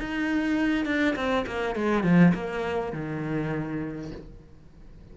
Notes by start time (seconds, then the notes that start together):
0.00 D#4
0.86 D4
1.16 C4
1.47 A#3
1.76 G#3
2.04 F3
2.35 A#3
2.93 D#3